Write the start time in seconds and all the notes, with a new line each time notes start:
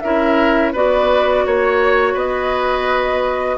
0.00 C#4 E4 A#4 E5
0.72 B3 F#4 B4 D5
1.46 A#3 C#5
2.13 B3 B4 D#5